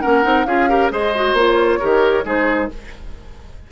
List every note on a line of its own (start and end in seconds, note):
0.00 0.25 A#3
0.00 0.22 C#4
0.00 0.46 A#4
0.00 0.45 F#5
0.22 0.45 C4
0.22 0.45 D#4
0.45 0.90 C#4
0.45 0.68 F4
0.45 0.69 G#4
0.45 0.90 F5
0.68 0.90 G4
0.68 0.92 A#4
0.90 1.33 G#3
0.90 1.12 G#4
0.90 1.79 C5
0.90 1.36 D#5
1.15 1.37 F#4
1.33 1.77 A#3
1.33 1.80 F4
1.33 2.26 C#5
1.79 2.24 D#3
1.79 2.24 G4
1.79 2.24 A#4
2.24 2.69 G#3
2.24 2.68 D#4
2.24 2.70 G#4
2.24 2.71 C5